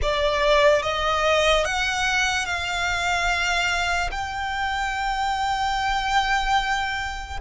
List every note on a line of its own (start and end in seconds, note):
0.02 0.82 D5
0.82 1.64 D#5
1.64 2.45 F#5
2.45 4.09 F5
4.11 7.40 G5